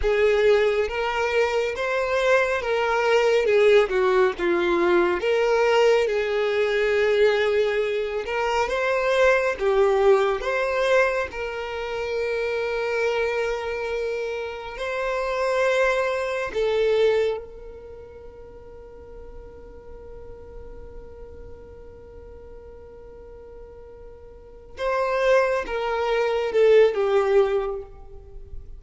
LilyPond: \new Staff \with { instrumentName = "violin" } { \time 4/4 \tempo 4 = 69 gis'4 ais'4 c''4 ais'4 | gis'8 fis'8 f'4 ais'4 gis'4~ | gis'4. ais'8 c''4 g'4 | c''4 ais'2.~ |
ais'4 c''2 a'4 | ais'1~ | ais'1~ | ais'8 c''4 ais'4 a'8 g'4 | }